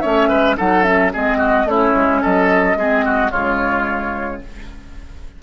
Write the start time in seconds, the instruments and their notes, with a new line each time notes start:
0.00 bassoon A3, clarinet C#4, oboe C#5, flute E5
0.29 bassoon G#3, oboe B4
0.57 bassoon F#3, clarinet D#4, oboe A4, flute F#5
0.83 clarinet C#4, flute E5
1.13 bassoon G#3, clarinet C4, oboe G#4, flute D#5
1.38 oboe F#4
1.65 bassoon A3, clarinet C#4, oboe E4, flute C#5
1.94 bassoon G#3
2.22 bassoon F#3, oboe A4, flute D#5
2.76 bassoon G#3, clarinet C4, oboe G#4
3.05 oboe F#4
3.30 bassoon C#3, clarinet G#3, oboe F4, flute C#5